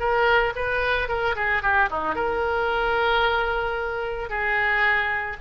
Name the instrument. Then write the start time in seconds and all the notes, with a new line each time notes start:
oboe
0.00 A#4
0.56 B4
1.09 A#4
1.36 G#4
1.63 G4
1.90 D#4
2.16 A#4
4.30 G#4